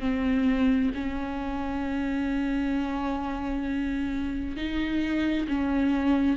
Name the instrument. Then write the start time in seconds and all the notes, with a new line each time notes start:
viola
0.00 C4
0.94 C#4
4.56 D#4
5.48 C#4